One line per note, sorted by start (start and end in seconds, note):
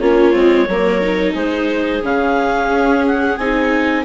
0.00 0.35 A#3
0.00 0.33 C#4
0.00 0.68 F4
0.00 1.35 C#5
0.33 0.68 G#3
0.33 0.67 C4
0.68 1.35 F#3
0.68 1.01 A#3
0.68 1.34 A#4
1.01 2.03 D#4
1.34 2.02 G#3
1.34 4.03 G#4
1.34 2.03 C5
2.03 2.70 C#3
2.03 3.38 C#4
2.03 3.06 F5
2.70 3.38 C#4
3.07 3.37 F#5
3.37 4.05 C4
3.37 4.05 D#4
3.37 4.05 G#5